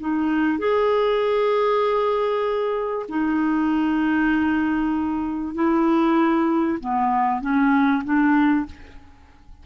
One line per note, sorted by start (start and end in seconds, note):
0.00 0.59 D#4
0.59 3.06 G#4
3.09 5.55 D#4
5.55 6.78 E4
6.80 7.41 B3
7.41 8.03 C#4
8.04 8.66 D4